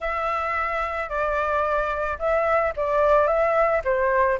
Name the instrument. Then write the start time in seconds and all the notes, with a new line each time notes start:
flute
0.00 E5
1.09 D5
2.18 E5
2.76 D5
3.27 E5
3.84 C5